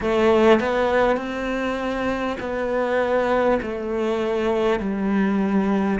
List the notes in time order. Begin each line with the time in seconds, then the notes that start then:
0.00 A3
0.60 B3
1.16 C4
2.39 B3
3.62 A3
4.79 G3